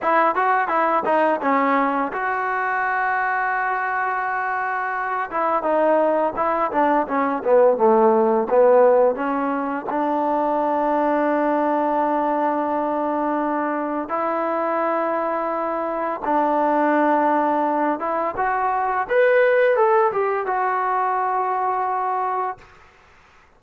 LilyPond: \new Staff \with { instrumentName = "trombone" } { \time 4/4 \tempo 4 = 85 e'8 fis'8 e'8 dis'8 cis'4 fis'4~ | fis'2.~ fis'8 e'8 | dis'4 e'8 d'8 cis'8 b8 a4 | b4 cis'4 d'2~ |
d'1 | e'2. d'4~ | d'4. e'8 fis'4 b'4 | a'8 g'8 fis'2. | }